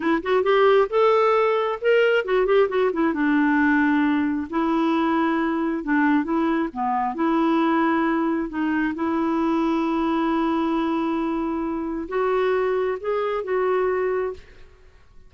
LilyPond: \new Staff \with { instrumentName = "clarinet" } { \time 4/4 \tempo 4 = 134 e'8 fis'8 g'4 a'2 | ais'4 fis'8 g'8 fis'8 e'8 d'4~ | d'2 e'2~ | e'4 d'4 e'4 b4 |
e'2. dis'4 | e'1~ | e'2. fis'4~ | fis'4 gis'4 fis'2 | }